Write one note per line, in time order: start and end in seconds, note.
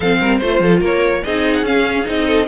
0.00 0.19 F3
0.00 0.42 C4
0.00 0.19 A4
0.00 0.38 F5
0.20 0.41 G3
0.20 0.40 A#4
0.38 0.60 A3
0.38 1.24 F4
0.38 0.79 C5
0.38 0.62 C5
0.60 0.80 F3
0.60 0.80 A4
0.80 1.22 A#3
0.80 1.21 A#4
0.80 1.23 C#5
1.23 1.61 C4
1.23 1.65 D#4
1.23 2.26 G#4
1.23 1.54 D#5
1.54 1.64 F#5
1.61 2.03 C#4
1.61 2.04 C#4
1.61 2.07 F5
2.04 2.47 C4
2.04 2.45 D#4
2.04 2.47 D#5
2.26 2.47 A4